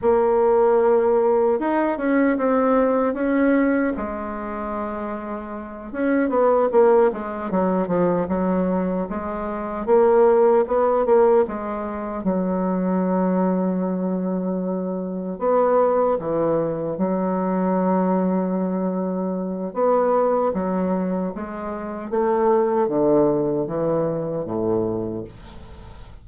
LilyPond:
\new Staff \with { instrumentName = "bassoon" } { \time 4/4 \tempo 4 = 76 ais2 dis'8 cis'8 c'4 | cis'4 gis2~ gis8 cis'8 | b8 ais8 gis8 fis8 f8 fis4 gis8~ | gis8 ais4 b8 ais8 gis4 fis8~ |
fis2.~ fis8 b8~ | b8 e4 fis2~ fis8~ | fis4 b4 fis4 gis4 | a4 d4 e4 a,4 | }